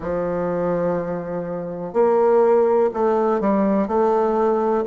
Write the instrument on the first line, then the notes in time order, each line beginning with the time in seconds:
bassoon
0.00 F3
1.93 A#3
2.93 A3
3.40 G3
3.87 A3